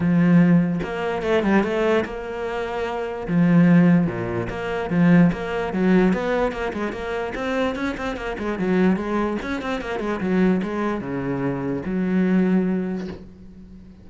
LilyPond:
\new Staff \with { instrumentName = "cello" } { \time 4/4 \tempo 4 = 147 f2 ais4 a8 g8 | a4 ais2. | f2 ais,4 ais4 | f4 ais4 fis4 b4 |
ais8 gis8 ais4 c'4 cis'8 c'8 | ais8 gis8 fis4 gis4 cis'8 c'8 | ais8 gis8 fis4 gis4 cis4~ | cis4 fis2. | }